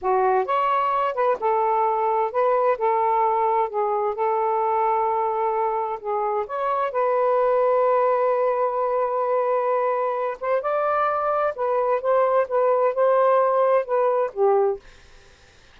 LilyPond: \new Staff \with { instrumentName = "saxophone" } { \time 4/4 \tempo 4 = 130 fis'4 cis''4. b'8 a'4~ | a'4 b'4 a'2 | gis'4 a'2.~ | a'4 gis'4 cis''4 b'4~ |
b'1~ | b'2~ b'8 c''8 d''4~ | d''4 b'4 c''4 b'4 | c''2 b'4 g'4 | }